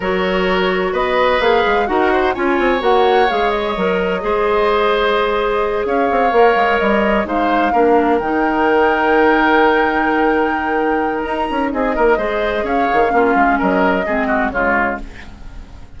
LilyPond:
<<
  \new Staff \with { instrumentName = "flute" } { \time 4/4 \tempo 4 = 128 cis''2 dis''4 f''4 | fis''4 gis''4 fis''4 f''8 dis''8~ | dis''1~ | dis''8 f''2 dis''4 f''8~ |
f''4. g''2~ g''8~ | g''1 | ais''4 dis''2 f''4~ | f''4 dis''2 cis''4 | }
  \new Staff \with { instrumentName = "oboe" } { \time 4/4 ais'2 b'2 | ais'8 c''8 cis''2.~ | cis''4 c''2.~ | c''8 cis''2. c''8~ |
c''8 ais'2.~ ais'8~ | ais'1~ | ais'4 gis'8 ais'8 c''4 cis''4 | f'4 ais'4 gis'8 fis'8 f'4 | }
  \new Staff \with { instrumentName = "clarinet" } { \time 4/4 fis'2. gis'4 | fis'4 f'4 fis'4 gis'4 | ais'4 gis'2.~ | gis'4. ais'2 dis'8~ |
dis'8 d'4 dis'2~ dis'8~ | dis'1~ | dis'2 gis'2 | cis'2 c'4 gis4 | }
  \new Staff \with { instrumentName = "bassoon" } { \time 4/4 fis2 b4 ais8 gis8 | dis'4 cis'8 c'8 ais4 gis4 | fis4 gis2.~ | gis8 cis'8 c'8 ais8 gis8 g4 gis8~ |
gis8 ais4 dis2~ dis8~ | dis1 | dis'8 cis'8 c'8 ais8 gis4 cis'8 dis8 | ais8 gis8 fis4 gis4 cis4 | }
>>